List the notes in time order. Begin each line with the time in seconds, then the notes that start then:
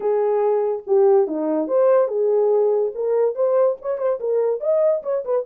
0.00 G#4
0.86 G4
1.27 D#4
1.67 C5
2.08 G#4
2.94 A#4
3.35 C5
3.81 C#5
3.98 C5
4.20 A#4
4.60 D#5
5.02 C#5
5.24 B4